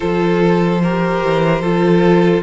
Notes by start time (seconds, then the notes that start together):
0.00 F3 F4 A4 C5
0.82 G4 A#4
1.24 E3
1.60 F3 F4 A4